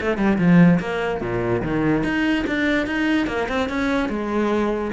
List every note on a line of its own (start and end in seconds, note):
0.00 0.17 A3
0.17 0.38 G3
0.38 0.79 F3
0.79 1.20 A#3
1.20 1.62 A#2
1.62 2.03 D#3
2.03 2.45 D#4
2.47 2.86 D4
2.86 3.27 D#4
3.27 3.47 A#3
3.48 3.68 C4
3.68 4.09 C#4
4.09 4.91 G#3